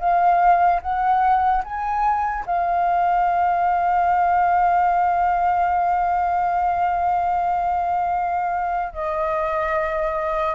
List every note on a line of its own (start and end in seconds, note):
0.00 0.81 F5
0.82 1.63 F#5
1.64 2.45 G#5
2.46 8.93 F5
8.93 10.55 D#5